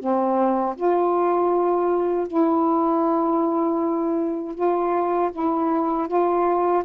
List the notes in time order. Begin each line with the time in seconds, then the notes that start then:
0.00 C4
0.77 F4
2.28 E4
4.55 F4
5.33 E4
6.09 F4